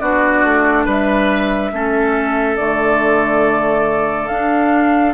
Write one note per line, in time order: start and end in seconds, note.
0.00 0.44 B3
0.00 1.73 D4
0.00 0.85 F#4
0.00 0.86 D5
0.44 0.86 A3
0.85 1.72 G3
0.85 1.71 B4
0.85 2.57 E5
1.73 2.58 A3
1.73 2.58 C#4
1.73 5.14 A4
2.57 4.29 D3
2.57 4.29 A3
2.57 4.28 D5
4.28 5.14 D4
4.28 5.14 F5